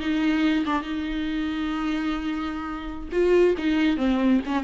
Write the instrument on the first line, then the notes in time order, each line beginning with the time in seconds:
viola
0.00 D#4
0.66 D4
0.82 D#4
3.12 F4
3.58 D#4
3.97 C4
4.46 C#4